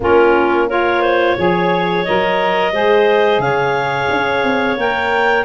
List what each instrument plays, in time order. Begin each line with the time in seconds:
0.00 tuba A#3, saxophone C#4, clarinet F4 A#4
0.67 saxophone F4, clarinet A#4 C#5
1.01 clarinet C5
1.37 tuba F3, saxophone G#4, clarinet C#5
2.04 tuba F#3, saxophone A#4, clarinet D#5
2.72 tuba G#3, saxophone G#4, clarinet C5
3.38 tuba C#3, clarinet C#5 F5
4.10 tuba C#4
4.42 tuba C4
4.76 tuba A#3, saxophone A#4, clarinet G5